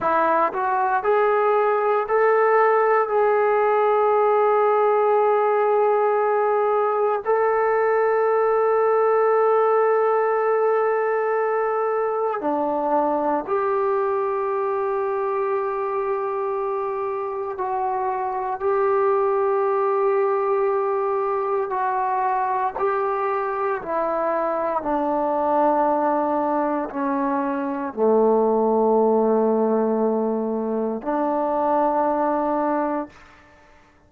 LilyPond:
\new Staff \with { instrumentName = "trombone" } { \time 4/4 \tempo 4 = 58 e'8 fis'8 gis'4 a'4 gis'4~ | gis'2. a'4~ | a'1 | d'4 g'2.~ |
g'4 fis'4 g'2~ | g'4 fis'4 g'4 e'4 | d'2 cis'4 a4~ | a2 d'2 | }